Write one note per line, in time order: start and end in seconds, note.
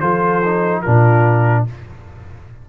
0.00 0.84 F3
0.00 0.42 F4
0.00 0.82 A4
0.00 0.82 C5
0.45 0.85 D#4
0.82 1.69 A#2
0.82 1.67 D4
0.82 1.64 F4
0.82 1.64 A#4